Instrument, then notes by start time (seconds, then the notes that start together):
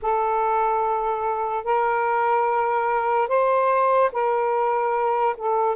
saxophone
0.02 A4
1.64 A#4
3.28 C5
4.12 A#4
5.37 A4